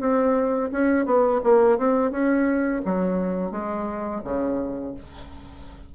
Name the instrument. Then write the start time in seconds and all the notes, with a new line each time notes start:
bassoon
0.00 C4
0.72 C#4
1.06 B3
1.44 A#3
1.78 C4
2.11 C#4
2.86 F#3
3.51 G#3
4.24 C#3